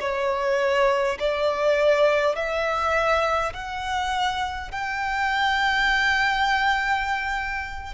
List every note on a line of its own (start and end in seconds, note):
0.00 1.18 C#5
1.19 2.35 D5
2.35 3.53 E5
3.53 4.71 F#5
4.71 7.94 G5